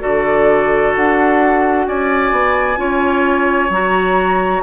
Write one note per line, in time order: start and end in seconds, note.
0.00 0.96 D3
0.00 2.77 F#4
0.00 1.87 A4
0.00 0.94 D5
0.96 1.87 D4
0.96 1.87 F#5
1.87 2.32 C#4
1.87 2.80 D5
1.87 3.72 G#5
2.32 2.78 B3
2.77 3.70 C#4
2.77 3.69 F4
2.77 4.63 C#5
3.70 4.62 F#3
3.70 4.63 F#4
3.70 4.63 A#5